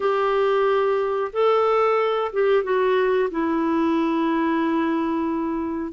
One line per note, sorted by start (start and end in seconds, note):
0.00 1.31 G4
1.32 2.31 A4
2.32 2.63 G4
2.63 3.29 F#4
3.30 5.92 E4